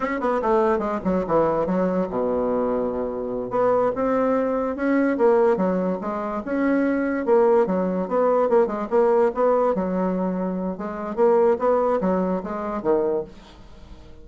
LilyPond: \new Staff \with { instrumentName = "bassoon" } { \time 4/4 \tempo 4 = 145 cis'8 b8 a4 gis8 fis8 e4 | fis4 b,2.~ | b,8 b4 c'2 cis'8~ | cis'8 ais4 fis4 gis4 cis'8~ |
cis'4. ais4 fis4 b8~ | b8 ais8 gis8 ais4 b4 fis8~ | fis2 gis4 ais4 | b4 fis4 gis4 dis4 | }